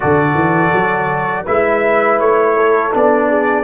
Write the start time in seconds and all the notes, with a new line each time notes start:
0.00 D3 F#4 A4 D5
0.34 E3
0.73 F#3
1.44 G#3 E4 B4 E5
2.19 A3 C#5
2.55 A4
2.92 B3 D4 D5
3.29 G#4